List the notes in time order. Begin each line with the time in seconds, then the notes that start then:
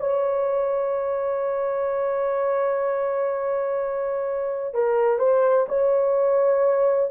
0.00 C#5
4.74 A#4
5.19 C5
5.69 C#5